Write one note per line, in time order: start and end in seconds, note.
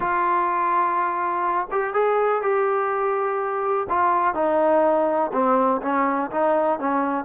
0.00 1.67 F4
1.71 1.93 G4
1.93 2.42 G#4
2.42 3.87 G4
3.89 4.34 F4
4.34 5.31 D#4
5.32 5.81 C4
5.82 6.30 C#4
6.30 6.79 D#4
6.79 7.24 C#4